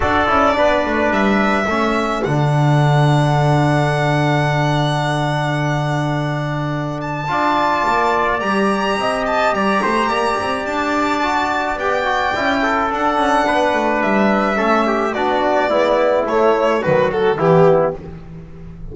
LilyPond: <<
  \new Staff \with { instrumentName = "violin" } { \time 4/4 \tempo 4 = 107 d''2 e''2 | fis''1~ | fis''1~ | fis''8 a''2~ a''8 ais''4~ |
ais''8 a''8 ais''2 a''4~ | a''4 g''2 fis''4~ | fis''4 e''2 d''4~ | d''4 cis''4 b'8 a'8 g'4 | }
  \new Staff \with { instrumentName = "trumpet" } { \time 4/4 a'4 b'2 a'4~ | a'1~ | a'1~ | a'4 d''2. |
dis''4 d''8 c''8 d''2~ | d''2~ d''8 a'4. | b'2 a'8 g'8 fis'4 | e'2 fis'4 e'4 | }
  \new Staff \with { instrumentName = "trombone" } { \time 4/4 fis'8 e'8 d'2 cis'4 | d'1~ | d'1~ | d'4 f'2 g'4~ |
g'1 | fis'4 g'8 fis'8 e'4 d'4~ | d'2 cis'4 d'4 | b4 a4 fis4 b4 | }
  \new Staff \with { instrumentName = "double bass" } { \time 4/4 d'8 cis'8 b8 a8 g4 a4 | d1~ | d1~ | d4 d'4 ais4 g4 |
c'4 g8 a8 ais8 c'8 d'4~ | d'4 b4 cis'4 d'8 cis'8 | b8 a8 g4 a4 b4 | gis4 a4 dis4 e4 | }
>>